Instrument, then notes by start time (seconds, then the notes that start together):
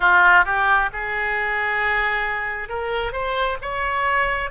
oboe
0.00 F4
0.45 G4
0.92 G#4
2.69 A#4
3.12 C5
3.61 C#5